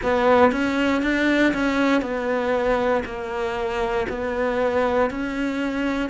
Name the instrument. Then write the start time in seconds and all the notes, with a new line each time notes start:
cello
0.02 B3
0.51 C#4
1.02 D4
1.53 C#4
2.01 B3
3.05 A#3
4.08 B3
5.10 C#4